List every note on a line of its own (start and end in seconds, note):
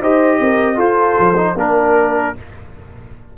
0.00 0.39 D#4
0.00 0.75 G4
0.00 0.40 C5
0.00 0.79 D#5
0.40 0.78 C4
0.40 0.75 A#4
0.75 1.33 F4
0.75 1.17 F4
0.75 1.53 A4
0.75 1.57 C5
1.19 1.55 F3
1.36 1.55 D#4
1.55 2.33 A#3
1.55 2.35 D4
1.55 2.37 A#4